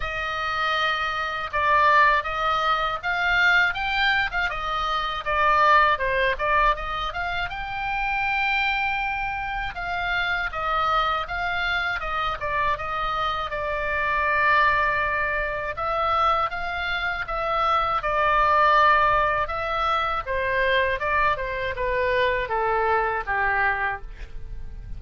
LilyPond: \new Staff \with { instrumentName = "oboe" } { \time 4/4 \tempo 4 = 80 dis''2 d''4 dis''4 | f''4 g''8. f''16 dis''4 d''4 | c''8 d''8 dis''8 f''8 g''2~ | g''4 f''4 dis''4 f''4 |
dis''8 d''8 dis''4 d''2~ | d''4 e''4 f''4 e''4 | d''2 e''4 c''4 | d''8 c''8 b'4 a'4 g'4 | }